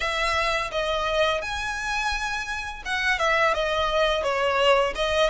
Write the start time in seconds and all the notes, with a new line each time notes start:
0.00 E5
0.71 D#5
1.41 G#5
2.85 F#5
3.18 E5
3.54 D#5
4.23 C#5
4.95 D#5